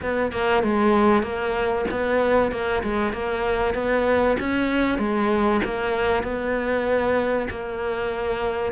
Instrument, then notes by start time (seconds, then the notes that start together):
cello
0.01 B3
0.32 A#3
0.63 G#3
1.22 A#3
1.90 B3
2.51 A#3
2.83 G#3
3.12 A#3
3.74 B3
4.39 C#4
4.98 G#3
5.64 A#3
6.23 B3
7.49 A#3